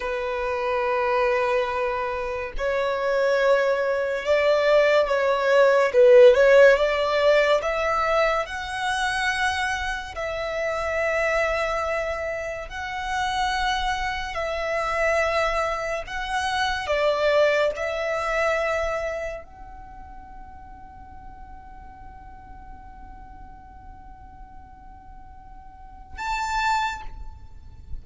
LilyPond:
\new Staff \with { instrumentName = "violin" } { \time 4/4 \tempo 4 = 71 b'2. cis''4~ | cis''4 d''4 cis''4 b'8 cis''8 | d''4 e''4 fis''2 | e''2. fis''4~ |
fis''4 e''2 fis''4 | d''4 e''2 fis''4~ | fis''1~ | fis''2. a''4 | }